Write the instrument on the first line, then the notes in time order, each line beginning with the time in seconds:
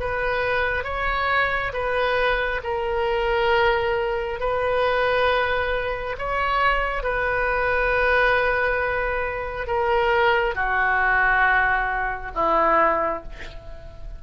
oboe
0.00 B4
0.84 C#5
1.73 B4
2.64 A#4
4.40 B4
6.18 C#5
7.03 B4
9.67 A#4
10.55 F#4
12.35 E4